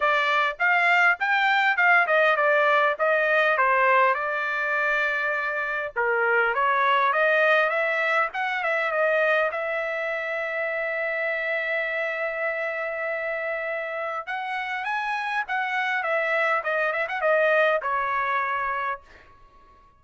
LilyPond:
\new Staff \with { instrumentName = "trumpet" } { \time 4/4 \tempo 4 = 101 d''4 f''4 g''4 f''8 dis''8 | d''4 dis''4 c''4 d''4~ | d''2 ais'4 cis''4 | dis''4 e''4 fis''8 e''8 dis''4 |
e''1~ | e''1 | fis''4 gis''4 fis''4 e''4 | dis''8 e''16 fis''16 dis''4 cis''2 | }